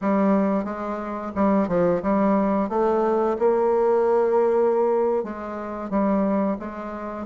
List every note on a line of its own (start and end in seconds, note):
0.01 0.64 G3
0.64 1.31 G#3
1.35 1.67 G3
1.67 2.01 F3
2.02 2.69 G3
2.69 3.36 A3
3.38 5.23 A#3
5.23 5.90 G#3
5.90 6.57 G3
6.59 7.26 G#3